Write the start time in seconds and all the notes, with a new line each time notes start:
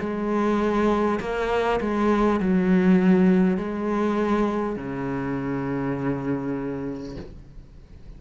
0.00 G#3
1.21 A#3
1.81 G#3
2.41 F#3
3.58 G#3
4.76 C#3